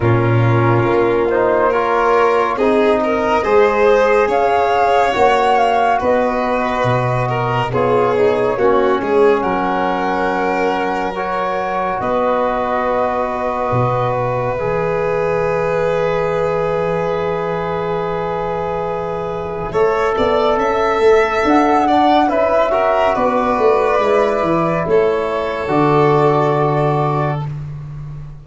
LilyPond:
<<
  \new Staff \with { instrumentName = "flute" } { \time 4/4 \tempo 4 = 70 ais'4. c''8 cis''4 dis''4~ | dis''4 f''4 fis''8 f''8 dis''4~ | dis''4 cis''2 fis''4~ | fis''4 cis''4 dis''2~ |
dis''8 e''2.~ e''8~ | e''1~ | e''4 fis''4 e''4 d''4~ | d''4 cis''4 d''2 | }
  \new Staff \with { instrumentName = "violin" } { \time 4/4 f'2 ais'4 gis'8 ais'8 | c''4 cis''2 b'4~ | b'8 ais'8 gis'4 fis'8 gis'8 ais'4~ | ais'2 b'2~ |
b'1~ | b'2. cis''8 d''8 | e''4. d''8 b'8 ais'8 b'4~ | b'4 a'2. | }
  \new Staff \with { instrumentName = "trombone" } { \time 4/4 cis'4. dis'8 f'4 dis'4 | gis'2 fis'2~ | fis'4 f'8 dis'8 cis'2~ | cis'4 fis'2.~ |
fis'4 gis'2.~ | gis'2. a'4~ | a'4. d'8 e'8 fis'4. | e'2 fis'2 | }
  \new Staff \with { instrumentName = "tuba" } { \time 4/4 ais,4 ais2 c'4 | gis4 cis'4 ais4 b4 | b,4 b4 ais8 gis8 fis4~ | fis2 b2 |
b,4 e2.~ | e2. a8 b8 | cis'8 a8 d'4 cis'4 b8 a8 | gis8 e8 a4 d2 | }
>>